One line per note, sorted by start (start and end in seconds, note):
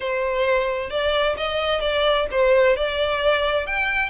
0.00 0.90 C5
0.90 1.36 D5
1.37 1.80 D#5
1.80 2.26 D5
2.31 2.76 C5
2.76 3.66 D5
3.66 4.09 G5